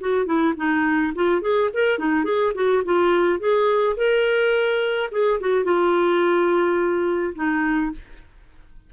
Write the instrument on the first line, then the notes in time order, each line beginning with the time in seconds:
clarinet
0.00 F#4
0.25 E4
0.56 D#4
1.15 F4
1.41 G#4
1.73 A#4
1.98 D#4
2.24 G#4
2.54 F#4
2.85 F4
3.39 G#4
3.96 A#4
5.11 G#4
5.40 F#4
5.64 F4
7.35 D#4